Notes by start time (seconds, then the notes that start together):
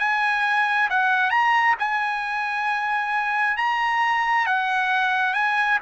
0.00 G#5
0.90 F#5
1.31 A#5
1.80 G#5
3.57 A#5
4.47 F#5
5.34 G#5